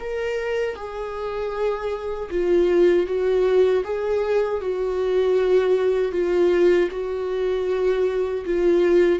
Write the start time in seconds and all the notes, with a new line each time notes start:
0.00 A#4
0.76 G#4
2.30 F4
3.07 F#4
3.84 G#4
4.61 F#4
6.12 F4
6.91 F#4
8.46 F4